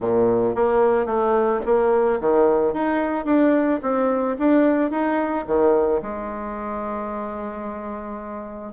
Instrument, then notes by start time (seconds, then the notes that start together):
bassoon
0.00 A#2
0.55 A#3
1.06 A3
1.65 A#3
2.20 D#3
2.73 D#4
3.25 D4
3.82 C4
4.38 D4
4.90 D#4
5.47 D#3
6.01 G#3